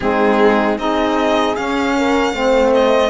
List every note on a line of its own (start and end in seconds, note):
0.00 0.78 G#3
0.00 0.77 C4
0.00 0.79 D#4
0.00 0.78 G#4
0.77 1.56 C4
0.77 1.55 D#4
0.77 1.96 G#4
0.77 1.56 D#5
1.56 2.33 C#4
1.56 2.72 F5
1.96 2.35 A#4
2.33 3.10 A3
2.33 3.10 C4
2.33 3.10 C5
2.74 3.10 D#5